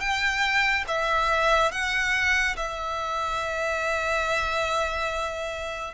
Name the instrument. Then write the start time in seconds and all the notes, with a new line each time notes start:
violin
0.00 G5
0.88 E5
1.72 F#5
2.57 E5